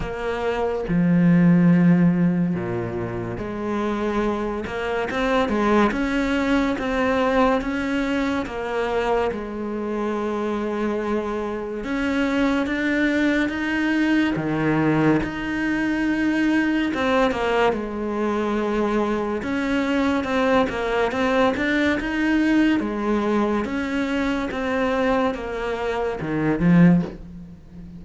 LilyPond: \new Staff \with { instrumentName = "cello" } { \time 4/4 \tempo 4 = 71 ais4 f2 ais,4 | gis4. ais8 c'8 gis8 cis'4 | c'4 cis'4 ais4 gis4~ | gis2 cis'4 d'4 |
dis'4 dis4 dis'2 | c'8 ais8 gis2 cis'4 | c'8 ais8 c'8 d'8 dis'4 gis4 | cis'4 c'4 ais4 dis8 f8 | }